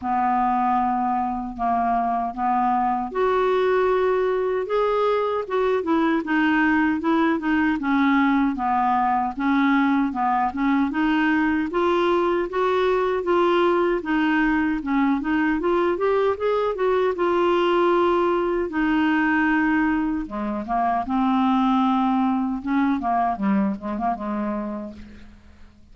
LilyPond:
\new Staff \with { instrumentName = "clarinet" } { \time 4/4 \tempo 4 = 77 b2 ais4 b4 | fis'2 gis'4 fis'8 e'8 | dis'4 e'8 dis'8 cis'4 b4 | cis'4 b8 cis'8 dis'4 f'4 |
fis'4 f'4 dis'4 cis'8 dis'8 | f'8 g'8 gis'8 fis'8 f'2 | dis'2 gis8 ais8 c'4~ | c'4 cis'8 ais8 g8 gis16 ais16 gis4 | }